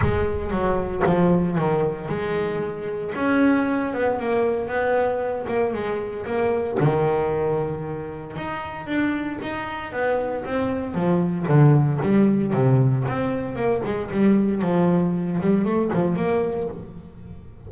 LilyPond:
\new Staff \with { instrumentName = "double bass" } { \time 4/4 \tempo 4 = 115 gis4 fis4 f4 dis4 | gis2 cis'4. b8 | ais4 b4. ais8 gis4 | ais4 dis2. |
dis'4 d'4 dis'4 b4 | c'4 f4 d4 g4 | c4 c'4 ais8 gis8 g4 | f4. g8 a8 f8 ais4 | }